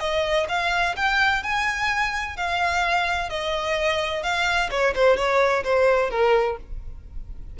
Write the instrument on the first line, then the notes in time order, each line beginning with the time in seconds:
violin
0.00 D#5
0.49 F5
0.96 G5
1.43 G#5
2.37 F5
3.30 D#5
4.23 F5
4.71 C#5
4.95 C5
5.17 C#5
5.64 C5
6.10 A#4